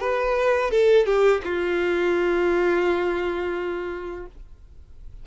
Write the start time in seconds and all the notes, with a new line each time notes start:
0.00 B4
0.71 A4
1.06 G4
1.44 F4